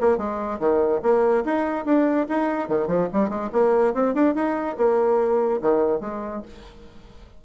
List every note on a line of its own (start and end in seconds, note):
0.00 0.17 A#3
0.17 0.59 G#3
0.59 1.01 D#3
1.02 1.44 A#3
1.45 1.85 D#4
1.85 2.27 D4
2.29 2.68 D#4
2.68 2.87 D#3
2.87 3.08 F3
3.13 3.29 G3
3.29 3.50 G#3
3.52 3.94 A#3
3.94 4.14 C4
4.14 4.35 D4
4.35 4.76 D#4
4.77 5.60 A#3
5.62 6.00 D#3
6.00 6.42 G#3